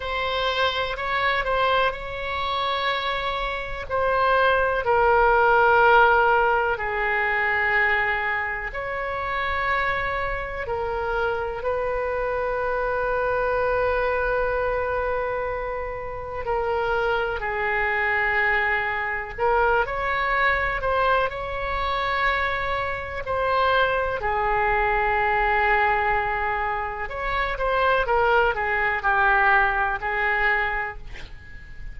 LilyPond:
\new Staff \with { instrumentName = "oboe" } { \time 4/4 \tempo 4 = 62 c''4 cis''8 c''8 cis''2 | c''4 ais'2 gis'4~ | gis'4 cis''2 ais'4 | b'1~ |
b'4 ais'4 gis'2 | ais'8 cis''4 c''8 cis''2 | c''4 gis'2. | cis''8 c''8 ais'8 gis'8 g'4 gis'4 | }